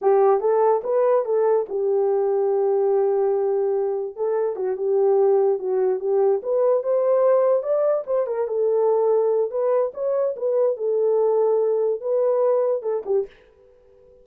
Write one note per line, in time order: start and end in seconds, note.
0.01 0.40 G4
0.40 0.81 A4
0.83 1.25 B4
1.25 1.66 A4
1.68 4.15 G4
4.15 4.56 A4
4.56 4.76 F#4
4.76 5.58 G4
5.58 5.99 F#4
5.99 6.41 G4
6.43 6.83 B4
6.83 7.63 C5
7.63 8.04 D5
8.06 8.27 C5
8.27 8.47 A#4
8.47 9.50 A4
9.50 9.92 B4
9.93 10.35 C#5
10.36 10.76 B4
10.76 12.01 A4
12.01 12.82 B4
12.82 13.03 A4
13.05 13.26 G4